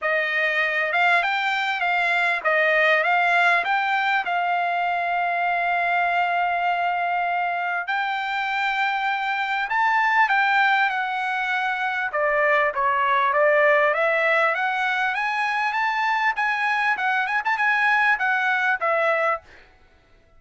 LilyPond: \new Staff \with { instrumentName = "trumpet" } { \time 4/4 \tempo 4 = 99 dis''4. f''8 g''4 f''4 | dis''4 f''4 g''4 f''4~ | f''1~ | f''4 g''2. |
a''4 g''4 fis''2 | d''4 cis''4 d''4 e''4 | fis''4 gis''4 a''4 gis''4 | fis''8 gis''16 a''16 gis''4 fis''4 e''4 | }